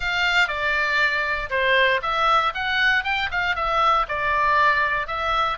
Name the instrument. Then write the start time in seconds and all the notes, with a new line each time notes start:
oboe
0.00 F5
0.48 D5
1.50 C5
2.02 E5
2.54 F#5
3.03 G5
3.31 F5
3.55 E5
4.08 D5
5.07 E5